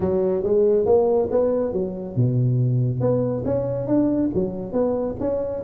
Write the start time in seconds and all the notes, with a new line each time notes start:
0.00 F#3
0.43 G#3
0.85 A#3
1.30 B3
1.73 F#3
2.15 B2
3.00 B3
3.45 C#4
3.87 D4
4.34 F#3
4.72 B3
5.20 C#4